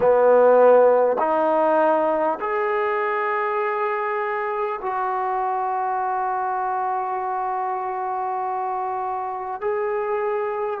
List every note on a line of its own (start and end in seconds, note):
0.00 1.17 B3
1.18 2.38 D#4
2.39 4.79 G#4
4.81 9.60 F#4
9.60 10.80 G#4